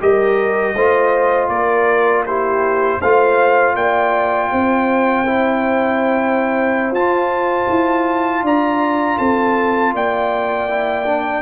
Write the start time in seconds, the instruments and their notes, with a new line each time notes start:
0.00 tuba G3, trombone G4, horn A#4, trumpet D#5
0.74 tuba A3, trombone F4, horn C5
1.49 tuba A#3, horn A#4, trumpet D5
2.26 trombone E4, horn G4, trumpet C5
3.00 tuba A3, trombone F4, horn C5, trumpet F5
3.75 tuba A#3, horn D5, trumpet G5
4.51 tuba C4, horn C5
5.26 trombone E4
6.91 tuba F4, trombone F4, trumpet A5
7.69 tuba E4
8.43 tuba D4, horn D5, trumpet A#5
9.18 tuba C4, horn A4, trumpet A5
9.93 tuba A#3, horn D5, trumpet G5
10.69 trombone E4
11.05 trombone D4